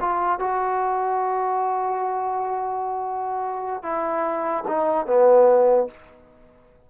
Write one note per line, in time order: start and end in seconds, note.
0.00 0.39 F4
0.39 3.83 F#4
3.83 4.64 E4
4.68 5.06 D#4
5.06 5.87 B3